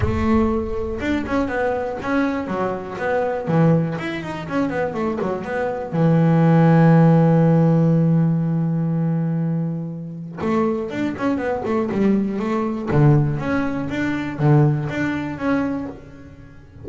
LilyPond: \new Staff \with { instrumentName = "double bass" } { \time 4/4 \tempo 4 = 121 a2 d'8 cis'8 b4 | cis'4 fis4 b4 e4 | e'8 dis'8 cis'8 b8 a8 fis8 b4 | e1~ |
e1~ | e4 a4 d'8 cis'8 b8 a8 | g4 a4 d4 cis'4 | d'4 d4 d'4 cis'4 | }